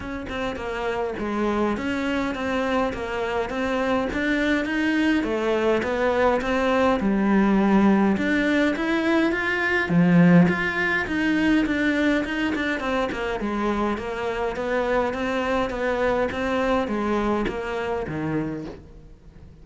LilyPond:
\new Staff \with { instrumentName = "cello" } { \time 4/4 \tempo 4 = 103 cis'8 c'8 ais4 gis4 cis'4 | c'4 ais4 c'4 d'4 | dis'4 a4 b4 c'4 | g2 d'4 e'4 |
f'4 f4 f'4 dis'4 | d'4 dis'8 d'8 c'8 ais8 gis4 | ais4 b4 c'4 b4 | c'4 gis4 ais4 dis4 | }